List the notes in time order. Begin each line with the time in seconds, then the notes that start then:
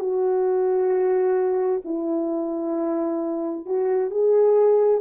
0.00 F#4
1.85 E4
3.66 F#4
4.11 G#4